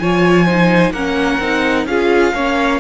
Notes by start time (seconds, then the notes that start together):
0.00 F3 F4 C#5 G#5
0.46 D#4 C5
0.91 A#3 C#4 A#4 F#5
1.39 C4 D#4
1.86 C#4 F4 G#4 F5
2.35 A#3 C#4 C#5